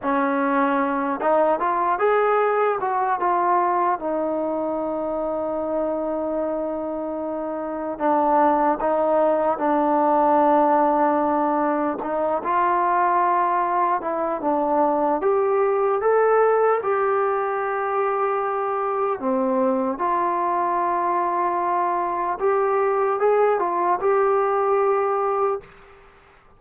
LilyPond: \new Staff \with { instrumentName = "trombone" } { \time 4/4 \tempo 4 = 75 cis'4. dis'8 f'8 gis'4 fis'8 | f'4 dis'2.~ | dis'2 d'4 dis'4 | d'2. dis'8 f'8~ |
f'4. e'8 d'4 g'4 | a'4 g'2. | c'4 f'2. | g'4 gis'8 f'8 g'2 | }